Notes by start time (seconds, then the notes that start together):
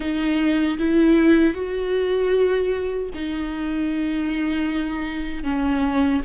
0.00 D#4
0.79 E4
1.53 F#4
3.14 D#4
5.43 C#4